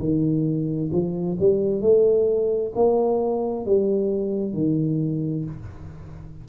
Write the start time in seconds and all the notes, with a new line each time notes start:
0.00 D#3
0.92 F3
1.40 G3
1.82 A3
2.76 A#3
3.66 G3
4.54 D#3